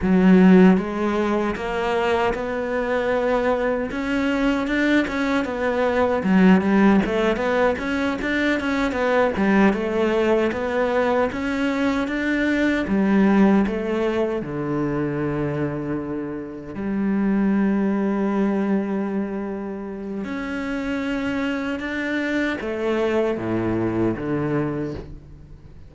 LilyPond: \new Staff \with { instrumentName = "cello" } { \time 4/4 \tempo 4 = 77 fis4 gis4 ais4 b4~ | b4 cis'4 d'8 cis'8 b4 | fis8 g8 a8 b8 cis'8 d'8 cis'8 b8 | g8 a4 b4 cis'4 d'8~ |
d'8 g4 a4 d4.~ | d4. g2~ g8~ | g2 cis'2 | d'4 a4 a,4 d4 | }